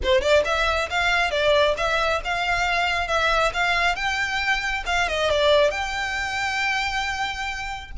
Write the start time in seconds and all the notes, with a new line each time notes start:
0.03 C5
0.21 D5
0.45 E5
0.89 F5
1.30 D5
1.77 E5
2.24 F5
3.07 E5
3.53 F5
3.95 G5
4.86 F5
5.08 D#5
5.30 D5
5.70 G5